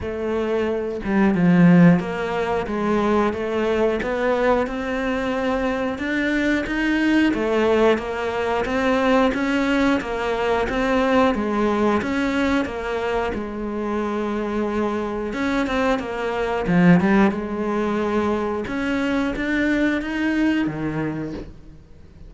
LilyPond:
\new Staff \with { instrumentName = "cello" } { \time 4/4 \tempo 4 = 90 a4. g8 f4 ais4 | gis4 a4 b4 c'4~ | c'4 d'4 dis'4 a4 | ais4 c'4 cis'4 ais4 |
c'4 gis4 cis'4 ais4 | gis2. cis'8 c'8 | ais4 f8 g8 gis2 | cis'4 d'4 dis'4 dis4 | }